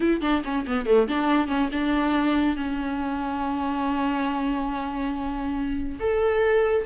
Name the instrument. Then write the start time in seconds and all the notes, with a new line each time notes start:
viola
0.00 E4
0.21 D4
0.44 C#4
0.66 B3
0.86 A3
1.08 D4
1.47 C#4
1.72 D4
2.56 C#4
5.99 A4